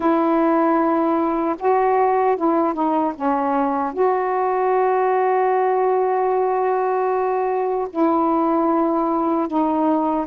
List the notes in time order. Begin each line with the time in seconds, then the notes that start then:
0.00 E4
1.59 F#4
2.36 E4
2.73 D#4
3.15 C#4
3.93 F#4
7.89 E4
9.47 D#4